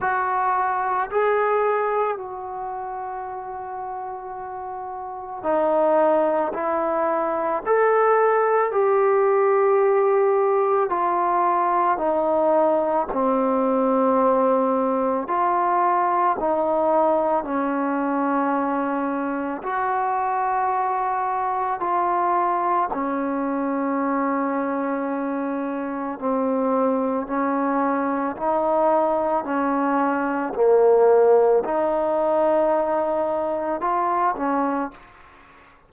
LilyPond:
\new Staff \with { instrumentName = "trombone" } { \time 4/4 \tempo 4 = 55 fis'4 gis'4 fis'2~ | fis'4 dis'4 e'4 a'4 | g'2 f'4 dis'4 | c'2 f'4 dis'4 |
cis'2 fis'2 | f'4 cis'2. | c'4 cis'4 dis'4 cis'4 | ais4 dis'2 f'8 cis'8 | }